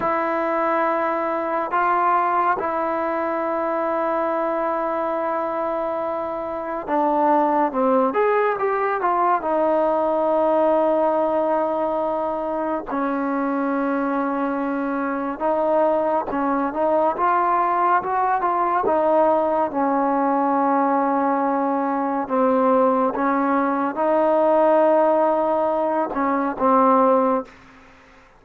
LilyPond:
\new Staff \with { instrumentName = "trombone" } { \time 4/4 \tempo 4 = 70 e'2 f'4 e'4~ | e'1 | d'4 c'8 gis'8 g'8 f'8 dis'4~ | dis'2. cis'4~ |
cis'2 dis'4 cis'8 dis'8 | f'4 fis'8 f'8 dis'4 cis'4~ | cis'2 c'4 cis'4 | dis'2~ dis'8 cis'8 c'4 | }